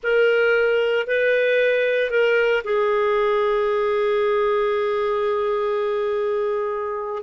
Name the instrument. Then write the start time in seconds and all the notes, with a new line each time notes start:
clarinet
0.03 A#4
1.06 B4
2.10 A#4
2.63 G#4